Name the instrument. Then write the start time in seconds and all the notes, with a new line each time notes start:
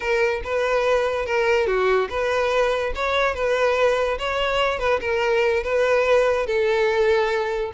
violin
0.00 A#4
0.44 B4
1.25 A#4
1.66 F#4
2.09 B4
2.95 C#5
3.34 B4
4.18 C#5
4.79 B4
5.00 A#4
5.63 B4
6.46 A4